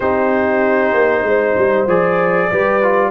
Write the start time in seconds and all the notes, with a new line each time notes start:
0.00 C4 D#4 G4 C5
0.93 A#3
1.23 G#3 C5
1.57 G3
1.86 F3 G#4 D5
2.51 G3 G4 B4
2.82 F4